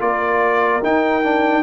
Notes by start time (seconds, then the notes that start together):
0.00 A#3 F4 A#4 D5
0.82 D#4 G5
1.23 D4